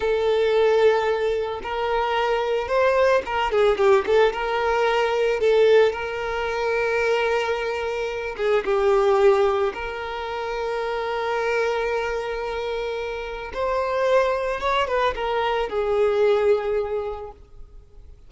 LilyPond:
\new Staff \with { instrumentName = "violin" } { \time 4/4 \tempo 4 = 111 a'2. ais'4~ | ais'4 c''4 ais'8 gis'8 g'8 a'8 | ais'2 a'4 ais'4~ | ais'2.~ ais'8 gis'8 |
g'2 ais'2~ | ais'1~ | ais'4 c''2 cis''8 b'8 | ais'4 gis'2. | }